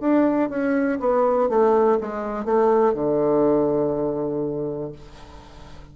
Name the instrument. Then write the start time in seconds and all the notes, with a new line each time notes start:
bassoon
0.00 D4
0.49 C#4
1.00 B3
1.49 A3
2.01 G#3
2.45 A3
2.93 D3